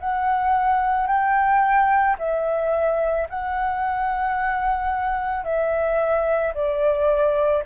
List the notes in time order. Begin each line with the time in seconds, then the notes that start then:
0.00 F#5
1.07 G5
2.19 E5
3.30 F#5
5.44 E5
6.55 D5